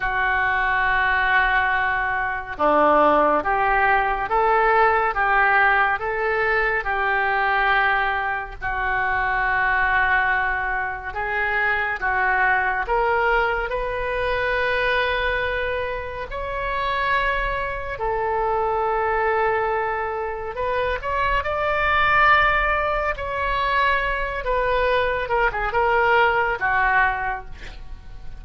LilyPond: \new Staff \with { instrumentName = "oboe" } { \time 4/4 \tempo 4 = 70 fis'2. d'4 | g'4 a'4 g'4 a'4 | g'2 fis'2~ | fis'4 gis'4 fis'4 ais'4 |
b'2. cis''4~ | cis''4 a'2. | b'8 cis''8 d''2 cis''4~ | cis''8 b'4 ais'16 gis'16 ais'4 fis'4 | }